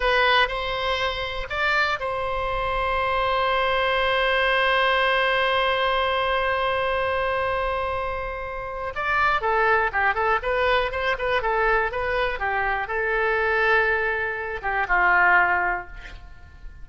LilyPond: \new Staff \with { instrumentName = "oboe" } { \time 4/4 \tempo 4 = 121 b'4 c''2 d''4 | c''1~ | c''1~ | c''1~ |
c''2 d''4 a'4 | g'8 a'8 b'4 c''8 b'8 a'4 | b'4 g'4 a'2~ | a'4. g'8 f'2 | }